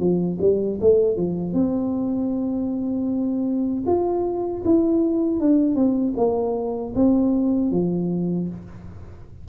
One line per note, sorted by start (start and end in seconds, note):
0.00 0.38 F3
0.41 0.79 G3
0.81 1.17 A3
1.17 1.53 F3
1.53 3.84 C4
3.87 4.64 F4
4.65 5.40 E4
5.40 5.76 D4
5.76 6.14 C4
6.17 6.94 A#3
6.95 7.72 C4
7.72 8.49 F3